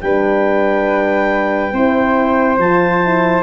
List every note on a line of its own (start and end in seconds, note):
0.00 1.72 G3
0.00 1.74 D4
0.00 1.73 B4
0.00 2.57 G5
1.72 2.58 C4
1.72 2.59 E4
1.72 3.43 C5
2.58 3.43 F3
2.58 3.04 F4
2.58 3.43 A5
3.04 3.43 E4